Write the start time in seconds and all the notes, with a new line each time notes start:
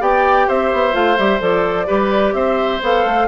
0.00 B3 G4 D5 G5
0.47 C4 C5 E5
0.73 B3
0.92 A3 F4 F5
1.18 G3 G4 E5
1.40 F3 A4 D5
1.86 G3 G4 B4
2.34 C4 C5 E5
2.82 B3 A4 F5
3.05 A3